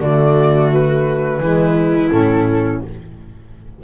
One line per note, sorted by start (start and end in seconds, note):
0.00 1.40 D3
0.00 1.42 A3
0.00 1.41 F#4
0.00 0.72 D5
0.74 2.12 B4
1.40 2.11 E3
1.40 2.12 G#3
1.40 2.84 E4
2.12 2.82 A2
2.12 2.82 C#4
2.12 2.82 A4